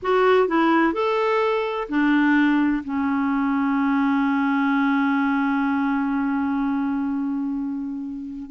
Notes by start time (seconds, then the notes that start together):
0.02 F#4
0.47 E4
0.93 A4
1.88 D4
2.83 C#4